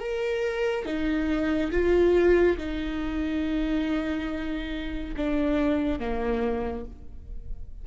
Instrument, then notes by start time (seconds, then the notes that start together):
viola
0.00 A#4
0.86 D#4
1.72 F4
2.58 D#4
5.17 D4
6.00 A#3